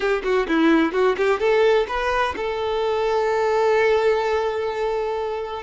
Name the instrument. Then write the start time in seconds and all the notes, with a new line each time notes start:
violin
0.00 G4
0.23 F#4
0.48 E4
0.92 F#4
1.17 G4
1.39 A4
1.87 B4
2.36 A4